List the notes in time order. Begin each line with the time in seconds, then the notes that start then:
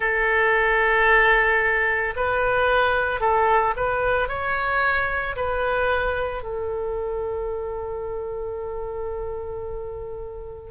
0.00 A4
2.16 B4
3.20 A4
3.76 B4
4.28 C#5
5.36 B4
6.42 A4